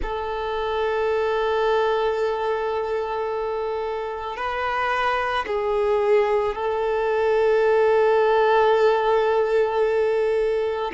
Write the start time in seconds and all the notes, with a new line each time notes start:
0.02 A4
4.36 B4
5.46 G#4
6.55 A4